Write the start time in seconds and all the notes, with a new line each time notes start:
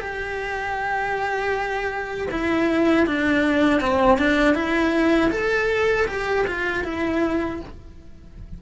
0.00 G4
2.31 E4
3.07 D4
3.81 C4
4.18 D4
4.55 E4
5.31 A4
6.08 G4
6.47 F4
6.84 E4